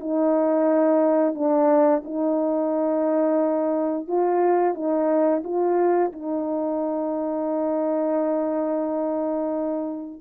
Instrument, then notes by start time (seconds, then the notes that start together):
horn
0.00 D#4
1.35 D4
2.05 D#4
4.08 F4
4.74 D#4
5.44 F4
6.12 D#4